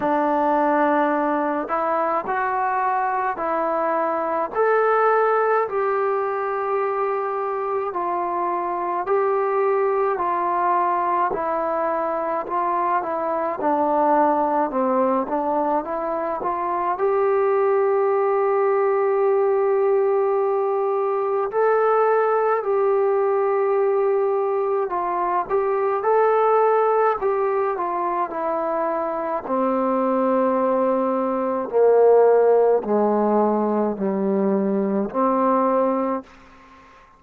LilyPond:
\new Staff \with { instrumentName = "trombone" } { \time 4/4 \tempo 4 = 53 d'4. e'8 fis'4 e'4 | a'4 g'2 f'4 | g'4 f'4 e'4 f'8 e'8 | d'4 c'8 d'8 e'8 f'8 g'4~ |
g'2. a'4 | g'2 f'8 g'8 a'4 | g'8 f'8 e'4 c'2 | ais4 gis4 g4 c'4 | }